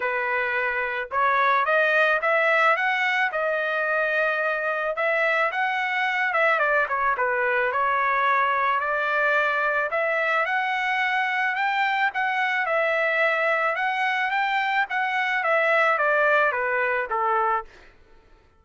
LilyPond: \new Staff \with { instrumentName = "trumpet" } { \time 4/4 \tempo 4 = 109 b'2 cis''4 dis''4 | e''4 fis''4 dis''2~ | dis''4 e''4 fis''4. e''8 | d''8 cis''8 b'4 cis''2 |
d''2 e''4 fis''4~ | fis''4 g''4 fis''4 e''4~ | e''4 fis''4 g''4 fis''4 | e''4 d''4 b'4 a'4 | }